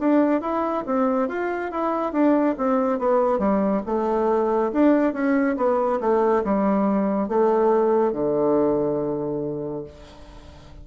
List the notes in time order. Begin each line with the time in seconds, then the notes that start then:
0.00 D4
0.42 E4
0.86 C4
1.29 F4
1.71 E4
2.13 D4
2.58 C4
2.99 B3
3.39 G3
3.86 A3
4.73 D4
5.14 C#4
5.57 B3
6.01 A3
6.44 G3
7.29 A3
8.13 D3